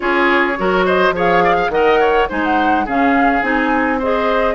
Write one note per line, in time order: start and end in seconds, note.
0.00 0.58 C#4
0.00 0.54 F4
0.00 0.58 G#4
0.00 0.83 C#5
0.57 1.11 F#3
0.57 1.14 F#4
0.57 0.85 A#4
0.85 1.14 C5
0.85 1.14 D#5
1.11 1.68 F3
1.11 1.71 G#4
1.11 1.44 C#5
1.18 1.70 F5
1.44 1.55 D5
1.55 1.70 F5
1.68 2.25 D#3
1.68 2.29 A#4
1.68 2.00 D#5
1.68 2.27 F#5
2.00 2.28 C#5
2.28 2.87 G#3
2.28 2.86 D#4
2.28 2.85 C5
2.28 2.44 G#5
2.44 2.87 F#5
2.85 3.41 C#3
2.85 3.42 C#4
2.85 3.98 G#4
2.85 3.42 F5
3.41 4.54 C4
3.41 3.99 D#4
3.41 3.99 G#5
3.98 4.54 G#4
3.98 4.54 C5
3.98 4.54 D#5